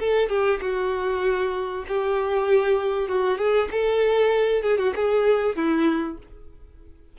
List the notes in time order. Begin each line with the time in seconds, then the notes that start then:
0.00 A4
0.29 G4
0.61 F#4
1.88 G4
3.09 F#4
3.38 G#4
3.72 A4
4.63 G#4
4.78 F#4
4.96 G#4
5.56 E4